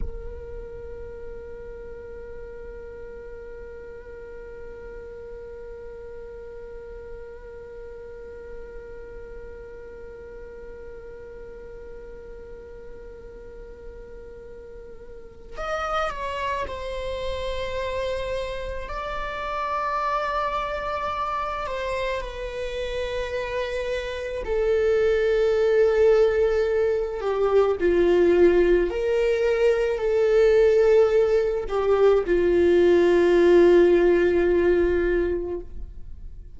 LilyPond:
\new Staff \with { instrumentName = "viola" } { \time 4/4 \tempo 4 = 54 ais'1~ | ais'1~ | ais'1~ | ais'2 dis''8 cis''8 c''4~ |
c''4 d''2~ d''8 c''8 | b'2 a'2~ | a'8 g'8 f'4 ais'4 a'4~ | a'8 g'8 f'2. | }